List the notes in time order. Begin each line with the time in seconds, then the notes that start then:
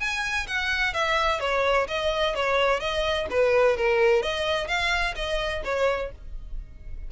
0.00 G#5
0.47 F#5
0.94 E5
1.40 C#5
1.88 D#5
2.35 C#5
2.80 D#5
3.30 B4
3.77 A#4
4.23 D#5
4.68 F5
5.16 D#5
5.65 C#5